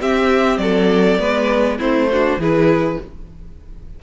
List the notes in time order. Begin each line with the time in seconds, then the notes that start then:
0.00 C4 G4 E5
0.58 F#3 A4 D5
1.19 G#3 B3 B4
1.78 A3 C4 E4 C5
2.11 D4 F#4
2.37 E3 E4 G#4 B4